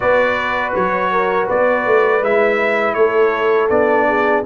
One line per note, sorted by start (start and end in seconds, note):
0.00 0.74 B3
0.00 2.21 F#4
0.00 1.11 B4
0.00 0.73 D5
0.74 1.48 F#3
0.74 1.48 C#5
1.11 1.46 A#4
1.46 1.85 B3
1.46 2.94 B4
1.46 2.23 D5
1.85 2.21 A3
2.21 2.95 G#3
2.21 3.70 E4
2.21 2.94 E5
2.94 3.69 A3
2.94 4.08 A4
2.94 3.68 C#5
3.69 4.44 B3
3.69 4.44 D4
3.69 4.43 D5
4.08 4.45 G#4